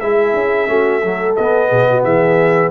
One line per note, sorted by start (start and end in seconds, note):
0.00 0.33 G#3
0.00 0.67 E4
0.00 0.69 G#4
0.00 1.35 E5
0.33 0.67 C#4
0.67 1.35 A3
0.67 1.00 C#4
0.67 1.03 F#4
1.04 1.37 F#3
1.04 1.69 A4
1.36 1.71 B3
1.36 2.71 B3
1.36 2.03 D#5
1.69 2.04 B2
1.69 1.86 G#4
1.90 2.04 F#4
2.04 2.71 E3
2.04 2.71 G#4
2.04 2.71 E5